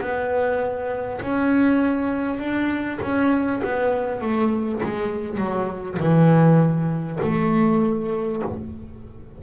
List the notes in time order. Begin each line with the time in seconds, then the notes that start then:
0.00 B3
1.21 C#4
2.39 D4
3.02 C#4
3.63 B3
4.21 A3
4.82 G#3
5.37 F#3
5.99 E3
7.22 A3